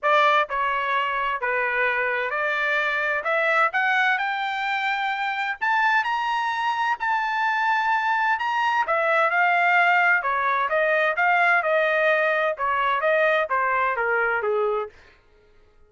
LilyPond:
\new Staff \with { instrumentName = "trumpet" } { \time 4/4 \tempo 4 = 129 d''4 cis''2 b'4~ | b'4 d''2 e''4 | fis''4 g''2. | a''4 ais''2 a''4~ |
a''2 ais''4 e''4 | f''2 cis''4 dis''4 | f''4 dis''2 cis''4 | dis''4 c''4 ais'4 gis'4 | }